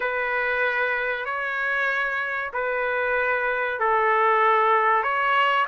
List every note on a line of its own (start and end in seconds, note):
0.00 1.25 B4
1.25 2.51 C#5
2.53 3.79 B4
3.79 5.03 A4
5.03 5.66 C#5